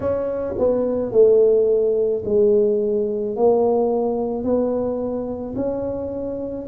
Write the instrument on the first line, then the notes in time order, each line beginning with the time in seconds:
tuba
0.00 C#4
0.58 B3
1.11 A3
2.25 G#3
3.35 A#3
4.43 B3
5.56 C#4